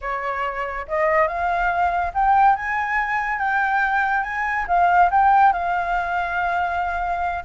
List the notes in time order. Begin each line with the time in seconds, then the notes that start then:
0.01 C#5
0.88 D#5
1.27 F5
2.14 G5
2.56 G#5
3.38 G5
4.23 G#5
4.67 F5
5.10 G5
5.52 F5